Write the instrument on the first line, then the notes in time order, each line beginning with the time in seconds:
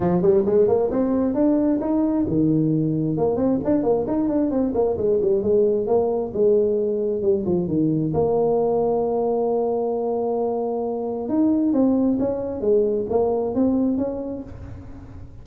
tuba
0.00 F3
0.22 G3
0.45 G#3
0.68 A#3
0.90 C4
1.34 D4
1.80 D#4
2.27 D#3
3.17 A#3
3.36 C4
3.64 D4
3.83 A#3
4.07 D#4
4.28 D4
4.50 C4
4.74 A#3
4.97 G#3
5.21 G3
5.42 G#3
5.86 A#3
6.33 G#3
7.22 G3
7.45 F3
7.67 D#3
8.13 A#3
11.28 D#4
11.73 C4
12.19 C#4
12.60 G#3
13.09 A#3
13.54 C4
13.97 C#4